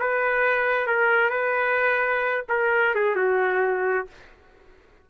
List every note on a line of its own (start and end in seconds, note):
0.00 0.87 B4
0.87 1.30 A#4
1.30 2.45 B4
2.49 2.95 A#4
2.95 3.16 G#4
3.16 4.07 F#4